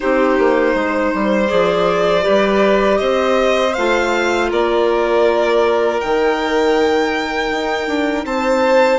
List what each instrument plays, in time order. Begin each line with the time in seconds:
0.00 bassoon C4, clarinet D#4, violin G4 C5
0.38 bassoon A#3
0.73 bassoon G#3, violin C5
1.14 bassoon G3
1.47 bassoon F3, clarinet G#4, violin D5
2.21 bassoon G3, clarinet G4, violin B4
2.98 bassoon C4, violin C5 D#5
3.73 bassoon A3, clarinet F4, violin F5
4.49 bassoon A#3, violin A#4 D5
6.00 bassoon D#3, clarinet D#4, violin G5
7.50 bassoon D#4
7.87 bassoon D4
8.24 bassoon C4, violin C5 A5